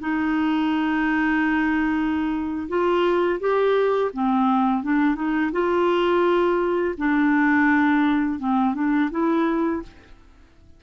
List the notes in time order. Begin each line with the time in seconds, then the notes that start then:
0.00 D#4
2.68 F4
3.40 G4
4.13 C4
4.83 D4
5.15 D#4
5.52 F4
6.97 D4
8.39 C4
8.74 D4
9.11 E4